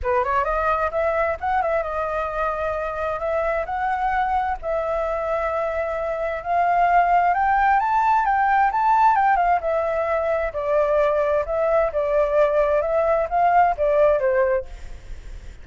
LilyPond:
\new Staff \with { instrumentName = "flute" } { \time 4/4 \tempo 4 = 131 b'8 cis''8 dis''4 e''4 fis''8 e''8 | dis''2. e''4 | fis''2 e''2~ | e''2 f''2 |
g''4 a''4 g''4 a''4 | g''8 f''8 e''2 d''4~ | d''4 e''4 d''2 | e''4 f''4 d''4 c''4 | }